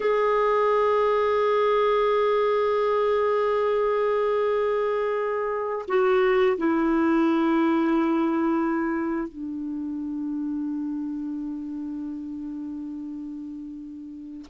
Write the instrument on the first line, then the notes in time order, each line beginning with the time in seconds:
clarinet
0.00 G#4
5.88 F#4
6.57 E4
9.28 D4